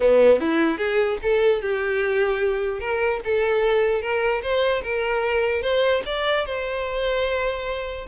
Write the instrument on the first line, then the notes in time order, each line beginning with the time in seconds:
violin
0.00 B3
0.40 E4
0.77 G#4
1.22 A4
1.61 G4
2.80 A#4
3.24 A4
4.01 A#4
4.42 C5
4.83 A#4
5.62 C5
6.05 D5
6.45 C5